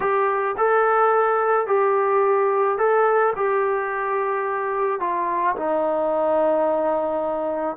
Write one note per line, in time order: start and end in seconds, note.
0.00 0.55 G4
0.57 1.66 A4
1.66 2.78 G4
2.78 3.33 A4
3.36 5.00 G4
5.00 5.55 F4
5.56 7.76 D#4